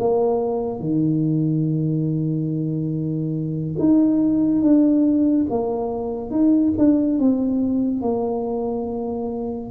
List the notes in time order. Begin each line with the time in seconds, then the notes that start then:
0.00 A#3
0.80 D#3
3.80 D#4
4.62 D4
5.50 A#3
6.31 D#4
6.78 D4
7.19 C4
8.02 A#3